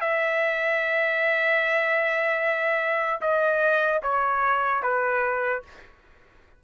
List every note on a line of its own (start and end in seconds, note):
0.00 3.20 E5
3.21 4.01 D#5
4.03 4.83 C#5
4.83 5.63 B4